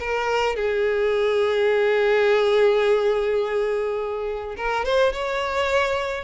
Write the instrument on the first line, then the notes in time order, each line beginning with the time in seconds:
violin
0.00 A#4
0.56 G#4
4.57 A#4
4.85 C5
5.13 C#5